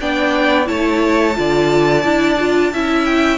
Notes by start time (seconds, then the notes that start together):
0.00 B3 D4 D5 G5
0.65 A3 E4 C#5 A5
1.34 D3 F4 D5
2.03 D4 E4
2.38 F4
2.72 C#4 E4 E5
3.04 G5